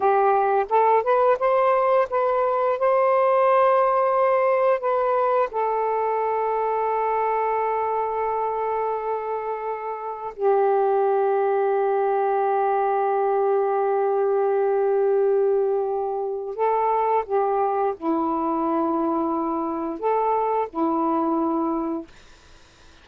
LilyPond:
\new Staff \with { instrumentName = "saxophone" } { \time 4/4 \tempo 4 = 87 g'4 a'8 b'8 c''4 b'4 | c''2. b'4 | a'1~ | a'2. g'4~ |
g'1~ | g'1 | a'4 g'4 e'2~ | e'4 a'4 e'2 | }